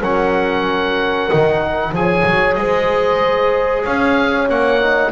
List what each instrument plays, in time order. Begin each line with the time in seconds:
0.00 double bass F#3, trombone C#4, horn A#4, oboe F#5
1.30 double bass D#3, trombone D#4
1.92 double bass F3, trombone G#4, horn C#5, oboe G#5
2.25 double bass F#3
2.55 double bass G#3, horn C5, oboe D#5
3.84 double bass C#4, horn C#5, oboe F5
4.48 double bass A#3, trombone C#4, oboe F#5
4.81 trombone D#4